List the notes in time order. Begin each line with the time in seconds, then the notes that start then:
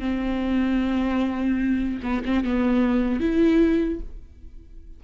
0.00 C4
2.03 B3
2.25 C4
2.44 B3
3.20 E4